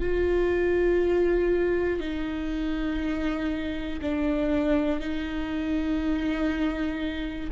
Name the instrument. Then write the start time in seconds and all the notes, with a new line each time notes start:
viola
0.00 F4
2.00 D#4
4.01 D4
5.00 D#4